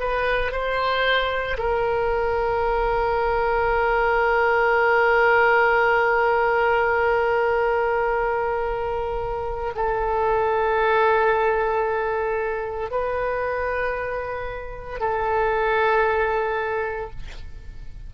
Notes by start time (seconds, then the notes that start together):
0.00 B4
0.52 C5
1.58 A#4
9.75 A4
12.91 B4
15.00 A4